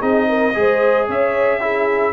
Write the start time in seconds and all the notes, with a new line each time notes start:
0.00 C4 D#4 G#4 D#5
0.29 A#4
0.54 G#3 G#4 C5
1.07 C#4 C#5 E5
1.60 E4 G#4